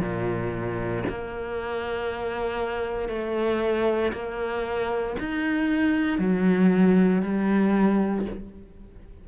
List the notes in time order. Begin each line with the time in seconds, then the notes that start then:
0.00 A#2
1.09 A#3
3.08 A3
4.12 A#3
5.19 D#4
6.18 F#3
7.22 G3